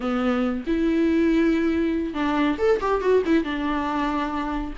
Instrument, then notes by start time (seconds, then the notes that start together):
viola
0.00 B3
0.67 E4
2.14 D4
2.58 A4
2.80 G4
3.01 F#4
3.25 E4
3.44 D4